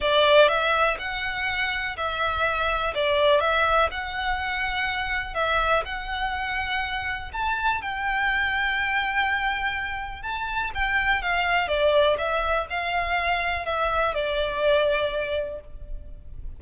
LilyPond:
\new Staff \with { instrumentName = "violin" } { \time 4/4 \tempo 4 = 123 d''4 e''4 fis''2 | e''2 d''4 e''4 | fis''2. e''4 | fis''2. a''4 |
g''1~ | g''4 a''4 g''4 f''4 | d''4 e''4 f''2 | e''4 d''2. | }